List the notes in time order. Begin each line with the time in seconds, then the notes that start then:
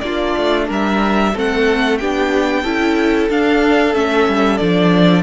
0.00 A#3 D4 F4 D5
0.36 A3
0.67 G3 A#4 E5
1.33 A3 C4 A4 F#5
1.98 B3 D4 G4 G5
2.62 C#4 E4 A4
3.29 D4 F5
3.93 A3 C#4 E5
4.27 G3
4.57 F3 D4 D5